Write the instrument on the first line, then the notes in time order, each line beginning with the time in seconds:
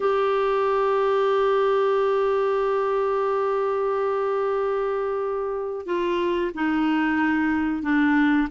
clarinet
0.00 G4
5.85 F4
6.54 D#4
7.83 D4